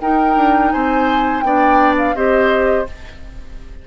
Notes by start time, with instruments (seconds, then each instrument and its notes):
0.00 bassoon D#4, clarinet D#4, oboe A#4, flute G5
0.36 bassoon D4
0.70 bassoon C4, oboe C5, flute G#5
1.40 bassoon B3, clarinet D4, oboe D5, flute G5
1.98 flute F5
2.14 bassoon C4, clarinet G4, oboe C5, flute D#5